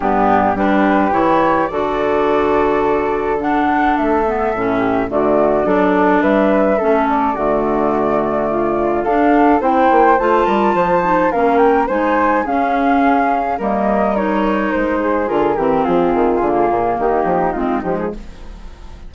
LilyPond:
<<
  \new Staff \with { instrumentName = "flute" } { \time 4/4 \tempo 4 = 106 g'4 b'4 cis''4 d''4~ | d''2 fis''4 e''4~ | e''4 d''2 e''4~ | e''8 d''2.~ d''8 |
f''4 g''4 a''2 | f''8 g''8 gis''4 f''2 | dis''4 cis''4 c''4 ais'4 | gis'2 g'4 f'8 g'16 gis'16 | }
  \new Staff \with { instrumentName = "flute" } { \time 4/4 d'4 g'2 a'4~ | a'1~ | a'8 g'8 fis'4 a'4 b'4 | a'4 fis'2 f'4 |
a'4 c''4. ais'8 c''4 | ais'4 c''4 gis'2 | ais'2~ ais'8 gis'4 g'8 | f'2 dis'2 | }
  \new Staff \with { instrumentName = "clarinet" } { \time 4/4 b4 d'4 e'4 fis'4~ | fis'2 d'4. b8 | cis'4 a4 d'2 | cis'4 a2. |
d'4 e'4 f'4. dis'8 | cis'4 dis'4 cis'2 | ais4 dis'2 f'8 c'8~ | c'4 ais2 c'8 gis8 | }
  \new Staff \with { instrumentName = "bassoon" } { \time 4/4 g,4 g4 e4 d4~ | d2. a4 | a,4 d4 fis4 g4 | a4 d2. |
d'4 c'8 ais8 a8 g8 f4 | ais4 gis4 cis'2 | g2 gis4 d8 e8 | f8 dis8 d8 ais,8 dis8 f8 gis8 f8 | }
>>